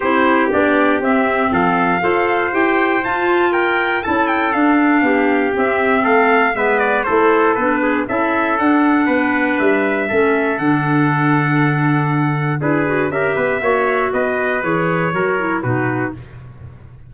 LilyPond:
<<
  \new Staff \with { instrumentName = "trumpet" } { \time 4/4 \tempo 4 = 119 c''4 d''4 e''4 f''4~ | f''4 g''4 a''4 g''4 | a''8 g''8 f''2 e''4 | f''4 e''8 d''8 c''4 b'4 |
e''4 fis''2 e''4~ | e''4 fis''2.~ | fis''4 b'4 e''2 | dis''4 cis''2 b'4 | }
  \new Staff \with { instrumentName = "trumpet" } { \time 4/4 g'2. a'4 | c''2. ais'4 | a'2 g'2 | a'4 b'4 a'4. gis'8 |
a'2 b'2 | a'1~ | a'4 gis'4 ais'8 b'8 cis''4 | b'2 ais'4 fis'4 | }
  \new Staff \with { instrumentName = "clarinet" } { \time 4/4 e'4 d'4 c'2 | a'4 g'4 f'2 | e'4 d'2 c'4~ | c'4 b4 e'4 d'4 |
e'4 d'2. | cis'4 d'2.~ | d'4 e'8 fis'8 g'4 fis'4~ | fis'4 gis'4 fis'8 e'8 dis'4 | }
  \new Staff \with { instrumentName = "tuba" } { \time 4/4 c'4 b4 c'4 f4 | f'4 e'4 f'2 | cis'4 d'4 b4 c'4 | a4 gis4 a4 b4 |
cis'4 d'4 b4 g4 | a4 d2.~ | d4 d'4 cis'8 b8 ais4 | b4 e4 fis4 b,4 | }
>>